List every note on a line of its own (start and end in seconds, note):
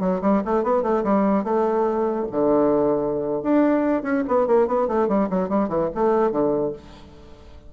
0.00 0.21 F#3
0.21 0.42 G3
0.45 0.63 A3
0.63 0.82 B3
0.82 1.03 A3
1.03 1.44 G3
1.44 2.26 A3
2.31 3.42 D3
3.42 4.02 D4
4.02 4.23 C#4
4.28 4.47 B3
4.47 4.67 A#3
4.67 4.88 B3
4.88 5.08 A3
5.08 5.29 G3
5.30 5.49 F#3
5.49 5.69 G3
5.69 5.89 E3
5.94 6.31 A3
6.31 6.73 D3